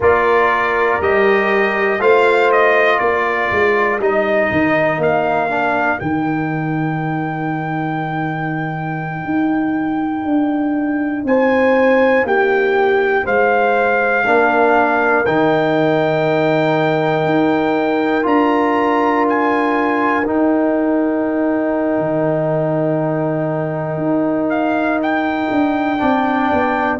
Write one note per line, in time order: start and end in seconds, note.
0.00 0.97 A#3
0.00 1.01 F4
0.00 2.00 A#4
0.00 1.01 D5
1.00 1.99 G3
1.00 2.00 G4
1.00 2.01 D#5
1.99 2.99 A3
1.99 4.00 F4
1.99 3.00 C5
1.99 2.51 F5
2.51 2.99 D#5
2.99 3.50 A#3
2.99 11.25 A#4
2.99 3.99 D5
3.51 3.99 G#3
3.99 4.49 G3
3.99 5.49 D#4
3.99 5.02 D#5
4.51 4.97 D#3
4.97 5.97 A#3
4.97 5.99 F5
5.49 5.98 D4
5.98 9.24 D#3
5.98 14.23 D#4
5.98 11.24 G5
9.24 10.24 D#4
10.24 11.24 D4
11.24 12.23 C4
11.24 12.26 C5
11.24 12.26 G#5
12.23 13.23 A#3
12.23 13.24 G4
12.23 13.26 G5
13.24 14.26 G#3
13.24 14.24 C5
13.24 15.25 F5
14.25 15.26 A#3
14.25 15.25 D4
14.25 26.00 A#4
15.25 17.25 D#3
15.25 18.22 D#4
15.25 18.25 G5
17.25 18.25 D#4
18.22 20.25 D4
18.22 20.22 F4
18.22 19.26 A#5
19.28 20.27 G#5
20.25 21.98 D#4
20.25 25.98 D#4
20.25 24.49 G5
21.98 23.97 D#3
23.97 25.47 D#4
24.49 24.99 F5
25.02 26.99 G5
25.50 26.00 D4
25.98 26.51 C4
25.98 26.98 D4
25.98 26.99 D5
26.52 26.99 B3